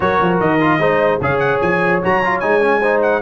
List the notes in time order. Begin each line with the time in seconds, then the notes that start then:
0.00 F#3 F#4 A#4 C#5
0.21 F3
0.39 D#3 D#5
0.60 F4
0.78 G#3 D#4 C5
1.20 C#3 G#4 C#5 F5
1.39 F#5
1.60 F3 G#5
2.02 F#3 F#4 A#5
2.24 F4
2.39 G#3 D#4 G#5
2.60 C#4
2.80 D#4 C5
3.02 F#5